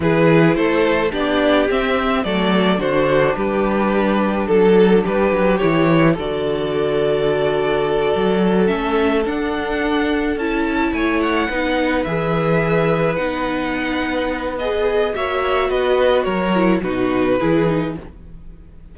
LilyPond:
<<
  \new Staff \with { instrumentName = "violin" } { \time 4/4 \tempo 4 = 107 b'4 c''4 d''4 e''4 | d''4 c''4 b'2 | a'4 b'4 cis''4 d''4~ | d''2.~ d''8 e''8~ |
e''8 fis''2 a''4 gis''8 | fis''4. e''2 fis''8~ | fis''2 dis''4 e''4 | dis''4 cis''4 b'2 | }
  \new Staff \with { instrumentName = "violin" } { \time 4/4 gis'4 a'4 g'2 | a'4 fis'4 g'2 | a'4 g'2 a'4~ | a'1~ |
a'2.~ a'8 cis''8~ | cis''8 b'2.~ b'8~ | b'2. cis''4 | b'4 ais'4 fis'4 gis'4 | }
  \new Staff \with { instrumentName = "viola" } { \time 4/4 e'2 d'4 c'4 | a4 d'2.~ | d'2 e'4 fis'4~ | fis'2.~ fis'8 cis'8~ |
cis'8 d'2 e'4.~ | e'8 dis'4 gis'2 dis'8~ | dis'2 gis'4 fis'4~ | fis'4. e'8 dis'4 e'8 dis'8 | }
  \new Staff \with { instrumentName = "cello" } { \time 4/4 e4 a4 b4 c'4 | fis4 d4 g2 | fis4 g8 fis8 e4 d4~ | d2~ d8 fis4 a8~ |
a8 d'2 cis'4 a8~ | a8 b4 e2 b8~ | b2. ais4 | b4 fis4 b,4 e4 | }
>>